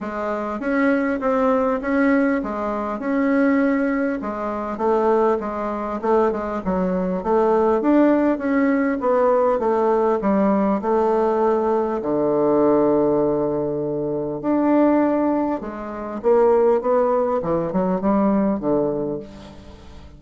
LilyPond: \new Staff \with { instrumentName = "bassoon" } { \time 4/4 \tempo 4 = 100 gis4 cis'4 c'4 cis'4 | gis4 cis'2 gis4 | a4 gis4 a8 gis8 fis4 | a4 d'4 cis'4 b4 |
a4 g4 a2 | d1 | d'2 gis4 ais4 | b4 e8 fis8 g4 d4 | }